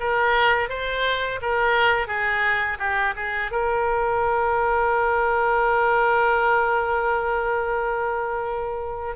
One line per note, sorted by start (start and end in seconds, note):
0.00 0.69 A#4
0.69 1.40 C5
1.41 2.08 A#4
2.08 2.78 G#4
2.79 3.14 G4
3.16 3.51 G#4
3.51 9.16 A#4